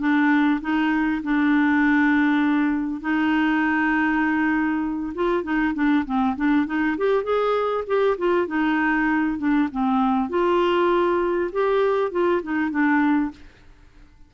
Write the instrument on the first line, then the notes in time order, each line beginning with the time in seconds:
clarinet
0.00 D4
0.62 D#4
1.24 D4
3.01 D#4
5.15 F4
5.44 D#4
5.75 D4
6.06 C4
6.37 D4
6.67 D#4
6.98 G4
7.24 G#4
7.87 G4
8.18 F4
8.48 D#4
9.39 D4
9.72 C4
10.30 F4
11.53 G4
12.12 F4
12.43 D#4
12.71 D4